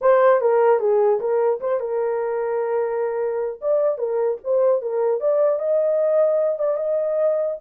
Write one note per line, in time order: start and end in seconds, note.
0.01 0.41 C5
0.41 0.79 A#4
0.79 1.19 G#4
1.20 1.60 A#4
1.60 1.79 C5
1.79 3.59 A#4
3.61 3.97 D5
3.97 4.37 A#4
4.43 4.81 C5
4.81 5.20 A#4
5.20 5.59 D5
5.59 6.58 D#5
6.58 6.77 D5
6.77 7.57 D#5